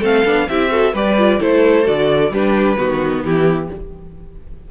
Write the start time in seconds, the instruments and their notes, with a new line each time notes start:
0.00 cello A3, viola C4, violin A4 F5
0.25 cello B3, viola D4
0.49 cello C4, viola E4, violin G4 E5
0.70 viola F#4, violin A4
0.94 cello G3, viola G4, violin B4 D5
1.19 viola F4
1.40 cello A3, viola E4, violin A4 C5
1.84 cello D3, viola F#4, violin D5
2.31 cello G3, viola D4, violin G4 B4
2.78 cello D#3, viola B3, violin F#4
3.24 cello E3, violin E4 G4